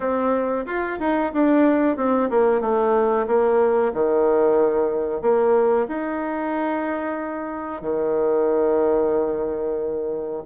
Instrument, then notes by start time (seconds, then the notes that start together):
bassoon
0.00 C4
0.66 F4
0.99 D#4
1.33 D4
1.97 C4
2.29 A#3
2.61 A3
3.27 A#3
3.93 D#3
5.21 A#3
5.88 D#4
7.81 D#3